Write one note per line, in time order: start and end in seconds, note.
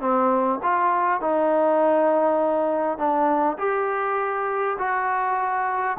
0.00 0.59 C4
0.62 1.20 F4
1.20 2.98 D#4
2.98 3.57 D4
3.58 4.77 G4
4.78 5.97 F#4